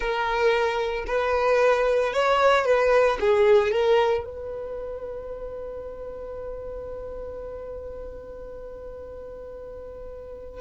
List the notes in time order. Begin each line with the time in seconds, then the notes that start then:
0.00 A#4
1.06 B4
2.13 C#5
2.65 B4
3.20 G#4
3.71 A#4
4.24 B4